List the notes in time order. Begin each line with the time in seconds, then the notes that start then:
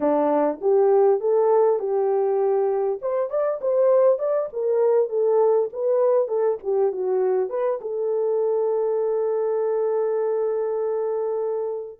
0.00 D4
0.61 G4
1.20 A4
1.79 G4
3.01 C5
3.29 D5
3.61 C5
4.18 D5
4.52 A#4
5.09 A4
5.72 B4
6.28 A4
6.63 G4
6.92 F#4
7.49 B4
7.81 A4